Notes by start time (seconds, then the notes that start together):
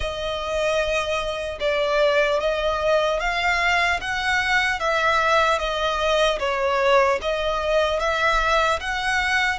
0.00 D#5
1.60 D5
2.40 D#5
3.20 F5
4.00 F#5
4.79 E5
5.58 D#5
6.39 C#5
7.21 D#5
7.99 E5
8.80 F#5